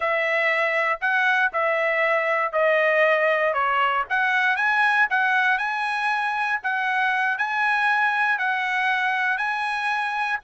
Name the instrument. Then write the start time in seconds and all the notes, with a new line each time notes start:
trumpet
0.00 E5
1.00 F#5
1.53 E5
2.52 D#5
3.53 C#5
4.09 F#5
4.56 G#5
5.10 F#5
5.58 G#5
6.63 F#5
7.38 G#5
8.38 F#5
9.37 G#5